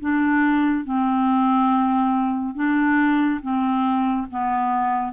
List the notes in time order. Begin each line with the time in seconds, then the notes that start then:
0.00 D4
0.84 C4
2.54 D4
3.41 C4
4.30 B3